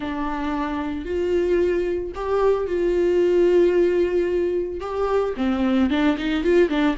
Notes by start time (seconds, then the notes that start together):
0.00 D4
1.05 F4
2.15 G4
2.66 F4
4.80 G4
5.36 C4
5.90 D4
6.17 D#4
6.43 F4
6.69 D4